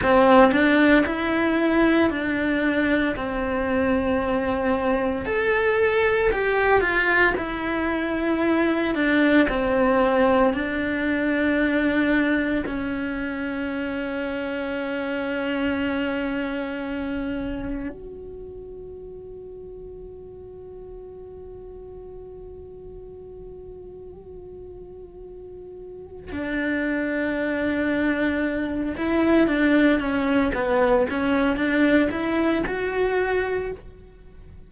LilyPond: \new Staff \with { instrumentName = "cello" } { \time 4/4 \tempo 4 = 57 c'8 d'8 e'4 d'4 c'4~ | c'4 a'4 g'8 f'8 e'4~ | e'8 d'8 c'4 d'2 | cis'1~ |
cis'4 fis'2.~ | fis'1~ | fis'4 d'2~ d'8 e'8 | d'8 cis'8 b8 cis'8 d'8 e'8 fis'4 | }